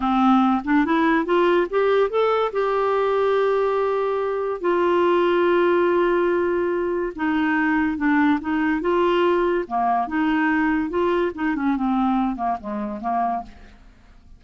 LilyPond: \new Staff \with { instrumentName = "clarinet" } { \time 4/4 \tempo 4 = 143 c'4. d'8 e'4 f'4 | g'4 a'4 g'2~ | g'2. f'4~ | f'1~ |
f'4 dis'2 d'4 | dis'4 f'2 ais4 | dis'2 f'4 dis'8 cis'8 | c'4. ais8 gis4 ais4 | }